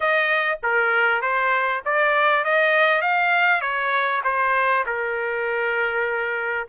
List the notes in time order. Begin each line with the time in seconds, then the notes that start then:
0.00 D#5
0.62 A#4
1.21 C5
1.85 D5
2.44 D#5
3.01 F5
3.61 C#5
4.23 C5
4.86 A#4